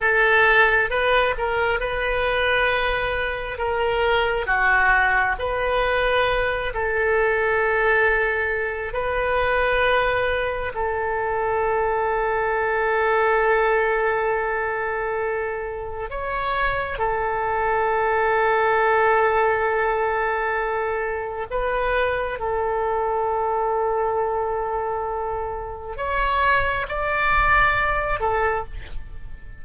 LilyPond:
\new Staff \with { instrumentName = "oboe" } { \time 4/4 \tempo 4 = 67 a'4 b'8 ais'8 b'2 | ais'4 fis'4 b'4. a'8~ | a'2 b'2 | a'1~ |
a'2 cis''4 a'4~ | a'1 | b'4 a'2.~ | a'4 cis''4 d''4. a'8 | }